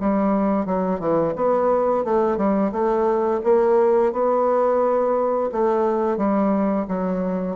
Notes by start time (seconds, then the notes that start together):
0.00 G3
0.65 F#3
0.99 E3
1.35 B3
2.04 A3
2.37 G3
2.72 A3
3.44 A#3
4.12 B3
5.52 A3
6.17 G3
6.88 F#3